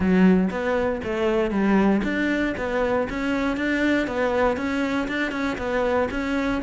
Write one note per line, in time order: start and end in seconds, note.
0.00 0.49 F#3
0.50 1.01 B3
1.04 1.50 A3
1.50 2.01 G3
2.03 2.54 D4
2.57 3.08 B3
3.09 3.56 C#4
3.56 4.07 D4
4.07 4.56 B3
4.56 5.07 C#4
5.07 5.31 D4
5.31 5.57 C#4
5.57 6.08 B3
6.10 6.61 C#4